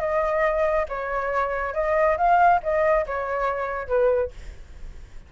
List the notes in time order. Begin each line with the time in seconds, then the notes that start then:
0.00 D#5
0.89 C#5
1.74 D#5
2.18 F5
2.63 D#5
3.06 C#5
3.88 B4